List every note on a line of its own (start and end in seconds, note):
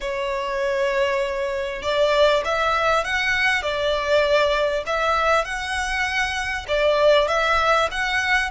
0.00 1.82 C#5
1.82 2.43 D5
2.44 3.04 E5
3.04 3.62 F#5
3.62 4.83 D5
4.86 5.45 E5
5.45 6.66 F#5
6.67 7.28 D5
7.28 7.88 E5
7.91 8.50 F#5